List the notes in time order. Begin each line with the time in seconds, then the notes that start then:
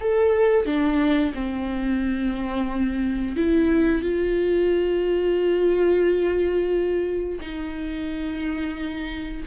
0.00 A4
0.65 D4
1.34 C4
3.36 E4
4.02 F4
7.40 D#4